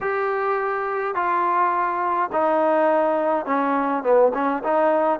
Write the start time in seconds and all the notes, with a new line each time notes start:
0.00 G4
1.14 F4
2.32 D#4
3.45 C#4
4.03 B3
4.34 C#4
4.63 D#4